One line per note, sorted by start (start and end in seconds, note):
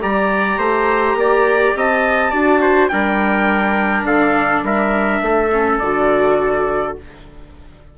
0.00 0.57 G3
0.00 2.31 G4
0.00 0.58 D5
0.00 1.75 A#5
0.57 1.14 A3
0.57 1.16 C5
1.14 1.72 A#3
1.14 1.77 D5
1.75 2.32 C4
1.75 2.30 D#5
1.75 2.87 A5
2.30 2.90 D4
2.30 2.90 F#4
2.30 2.59 D5
2.61 2.90 C5
2.87 4.03 G3
2.87 5.50 D4
2.87 4.06 A#4
2.87 4.03 G5
4.03 4.61 D3
4.03 4.64 A4
4.03 4.62 F5
4.63 5.20 G3
4.63 5.22 A#4
4.63 5.79 E5
5.21 5.79 A3
5.21 6.97 A4
5.52 5.81 C#4
5.79 6.96 D3
5.79 6.98 F#4
5.79 6.94 D5